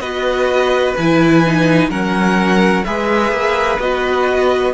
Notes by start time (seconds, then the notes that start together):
0.00 B3 F#4 B4 D#5
0.97 E3 E4 G#5
1.46 D#4
1.89 F#3 C#4 A#4 F#5
2.85 G#3 G#4 B4 E5
3.32 A#3
3.79 B3 F#4 D#5